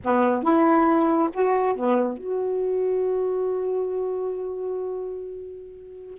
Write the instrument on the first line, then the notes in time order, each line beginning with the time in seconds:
saxophone
0.04 B3
0.42 E4
1.33 F#4
1.75 B3
2.17 F#4